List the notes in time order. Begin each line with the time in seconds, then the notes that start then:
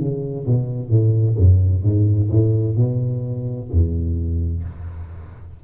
0.00 C#3
0.47 B2
0.90 A2
1.38 F#2
1.83 G#2
2.30 A2
2.77 B2
3.72 E2